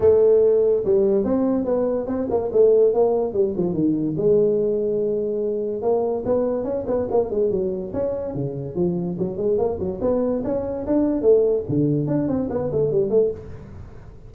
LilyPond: \new Staff \with { instrumentName = "tuba" } { \time 4/4 \tempo 4 = 144 a2 g4 c'4 | b4 c'8 ais8 a4 ais4 | g8 f8 dis4 gis2~ | gis2 ais4 b4 |
cis'8 b8 ais8 gis8 fis4 cis'4 | cis4 f4 fis8 gis8 ais8 fis8 | b4 cis'4 d'4 a4 | d4 d'8 c'8 b8 a8 g8 a8 | }